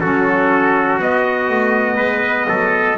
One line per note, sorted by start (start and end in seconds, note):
0.00 1.02 F#3
0.00 0.98 C#4
0.00 1.96 F#4
0.00 0.98 A4
0.98 2.95 B3
0.98 1.49 B3
0.98 2.97 D#5
1.49 1.97 A3
1.96 2.47 G#3
1.96 2.45 B4
2.48 2.97 F#3
2.48 2.97 A4